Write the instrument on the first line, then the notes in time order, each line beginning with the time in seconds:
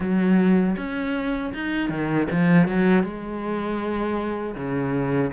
cello
0.00 F#3
0.77 C#4
1.54 D#4
1.89 D#3
2.30 F3
2.68 F#3
3.03 G#3
4.55 C#3